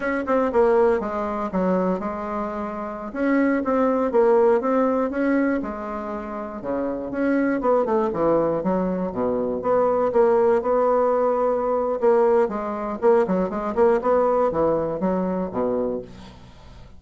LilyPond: \new Staff \with { instrumentName = "bassoon" } { \time 4/4 \tempo 4 = 120 cis'8 c'8 ais4 gis4 fis4 | gis2~ gis16 cis'4 c'8.~ | c'16 ais4 c'4 cis'4 gis8.~ | gis4~ gis16 cis4 cis'4 b8 a16~ |
a16 e4 fis4 b,4 b8.~ | b16 ais4 b2~ b8. | ais4 gis4 ais8 fis8 gis8 ais8 | b4 e4 fis4 b,4 | }